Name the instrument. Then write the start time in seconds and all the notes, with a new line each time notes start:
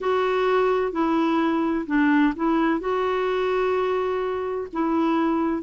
clarinet
0.00 F#4
0.92 E4
1.87 D4
2.36 E4
2.80 F#4
4.72 E4